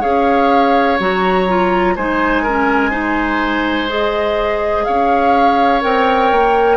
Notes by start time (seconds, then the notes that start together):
0.00 C#4 G#4 C#5 F5
0.99 F#3 F#4 A#5
1.48 F4
1.95 G#3 D#4 C5 G#5
2.43 C#4 A#4
2.90 D#4 C5
3.88 G#4 D#5
4.84 C#4 C#5 F5
5.81 C4 A#4 G5
6.31 A#3